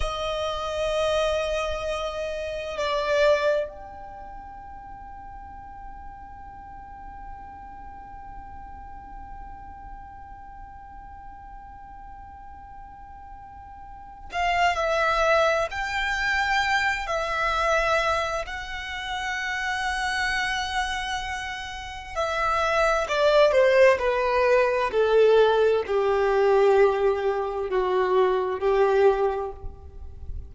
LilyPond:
\new Staff \with { instrumentName = "violin" } { \time 4/4 \tempo 4 = 65 dis''2. d''4 | g''1~ | g''1~ | g''2.~ g''8 f''8 |
e''4 g''4. e''4. | fis''1 | e''4 d''8 c''8 b'4 a'4 | g'2 fis'4 g'4 | }